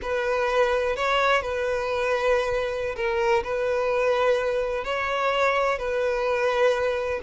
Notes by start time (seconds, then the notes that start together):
0.02 B4
0.96 C#5
1.42 B4
2.95 A#4
3.43 B4
4.84 C#5
5.78 B4